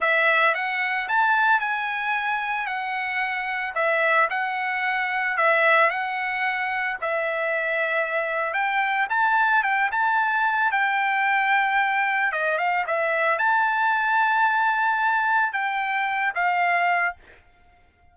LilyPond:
\new Staff \with { instrumentName = "trumpet" } { \time 4/4 \tempo 4 = 112 e''4 fis''4 a''4 gis''4~ | gis''4 fis''2 e''4 | fis''2 e''4 fis''4~ | fis''4 e''2. |
g''4 a''4 g''8 a''4. | g''2. dis''8 f''8 | e''4 a''2.~ | a''4 g''4. f''4. | }